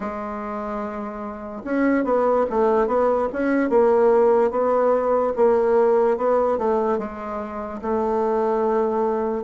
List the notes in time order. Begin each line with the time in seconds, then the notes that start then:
0.00 G#3
1.64 C#4
2.04 B3
2.50 A3
2.87 B3
3.33 C#4
3.69 A#3
4.51 B3
5.35 A#3
6.17 B3
6.58 A3
6.98 G#3
7.81 A3